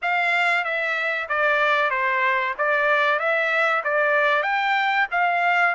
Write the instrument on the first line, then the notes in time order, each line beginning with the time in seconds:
trumpet
0.02 F5
0.64 E5
1.28 D5
1.90 C5
2.57 D5
3.19 E5
3.84 D5
4.42 G5
5.11 F5